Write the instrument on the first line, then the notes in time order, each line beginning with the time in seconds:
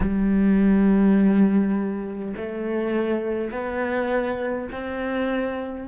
cello
0.00 G3
2.36 A3
3.51 B3
4.72 C4